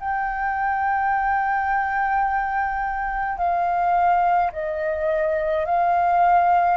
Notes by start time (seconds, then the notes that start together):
0.00 G5
3.38 F5
4.52 D#5
5.66 F5